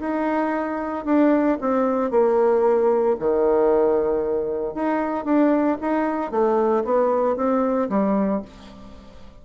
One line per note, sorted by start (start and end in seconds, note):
0.00 1.05 D#4
1.05 1.58 D4
1.61 2.11 C4
2.11 3.16 A#3
3.19 4.74 D#3
4.74 5.25 D#4
5.25 5.77 D4
5.81 6.31 D#4
6.31 6.84 A3
6.84 7.36 B3
7.36 7.89 C4
7.89 8.42 G3